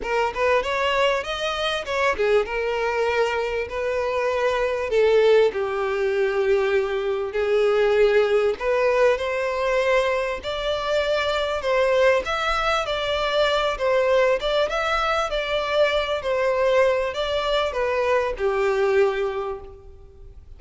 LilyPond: \new Staff \with { instrumentName = "violin" } { \time 4/4 \tempo 4 = 98 ais'8 b'8 cis''4 dis''4 cis''8 gis'8 | ais'2 b'2 | a'4 g'2. | gis'2 b'4 c''4~ |
c''4 d''2 c''4 | e''4 d''4. c''4 d''8 | e''4 d''4. c''4. | d''4 b'4 g'2 | }